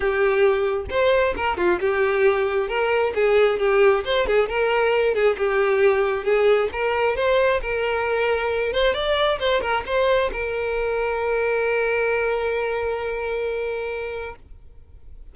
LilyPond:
\new Staff \with { instrumentName = "violin" } { \time 4/4 \tempo 4 = 134 g'2 c''4 ais'8 f'8 | g'2 ais'4 gis'4 | g'4 c''8 gis'8 ais'4. gis'8 | g'2 gis'4 ais'4 |
c''4 ais'2~ ais'8 c''8 | d''4 c''8 ais'8 c''4 ais'4~ | ais'1~ | ais'1 | }